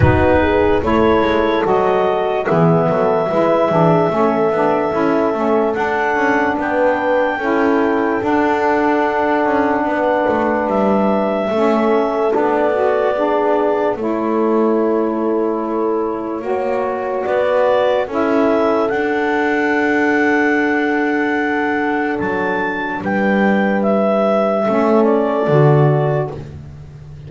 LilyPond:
<<
  \new Staff \with { instrumentName = "clarinet" } { \time 4/4 \tempo 4 = 73 b'4 cis''4 dis''4 e''4~ | e''2. fis''4 | g''2 fis''2~ | fis''4 e''2 d''4~ |
d''4 cis''2.~ | cis''4 d''4 e''4 fis''4~ | fis''2. a''4 | g''4 e''4. d''4. | }
  \new Staff \with { instrumentName = "horn" } { \time 4/4 fis'8 gis'8 a'2 gis'8 a'8 | b'8 gis'8 a'2. | b'4 a'2. | b'2 a'2 |
gis'4 a'2. | cis''4 b'4 a'2~ | a'1 | b'2 a'2 | }
  \new Staff \with { instrumentName = "saxophone" } { \time 4/4 dis'4 e'4 fis'4 b4 | e'8 d'8 cis'8 d'8 e'8 cis'8 d'4~ | d'4 e'4 d'2~ | d'2 cis'4 d'8 fis'8 |
d'4 e'2. | fis'2 e'4 d'4~ | d'1~ | d'2 cis'4 fis'4 | }
  \new Staff \with { instrumentName = "double bass" } { \time 4/4 b4 a8 gis8 fis4 e8 fis8 | gis8 e8 a8 b8 cis'8 a8 d'8 cis'8 | b4 cis'4 d'4. cis'8 | b8 a8 g4 a4 b4~ |
b4 a2. | ais4 b4 cis'4 d'4~ | d'2. fis4 | g2 a4 d4 | }
>>